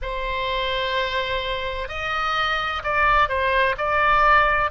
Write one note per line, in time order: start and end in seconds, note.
0.02 1.88 C5
1.88 2.82 D#5
2.83 3.28 D5
3.28 3.75 C5
3.77 4.70 D5